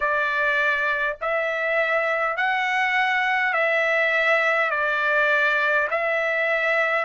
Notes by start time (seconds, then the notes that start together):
0.00 D5
1.21 E5
2.36 F#5
3.53 E5
4.70 D5
5.90 E5